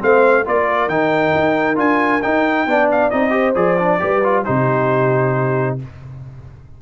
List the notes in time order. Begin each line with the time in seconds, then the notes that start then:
0.00 A3 C4 C5 F5
0.45 A#3 F4 A#4 D5
0.87 D#3 D#4 G5
1.34 D#4
1.75 D4 F4 G#5
2.22 D#4 G5
2.66 B3 D4 D5
2.91 F5
3.10 C4 D#4 D#5
3.30 G4 C5
3.55 F3 G#4 D5
3.79 D4
3.99 G3 G4 B4
4.23 F4
4.44 C3 D#4 G4 C5